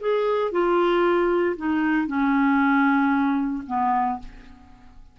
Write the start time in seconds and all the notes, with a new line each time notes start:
0.00 G#4
0.51 F4
1.57 D#4
2.07 C#4
3.67 B3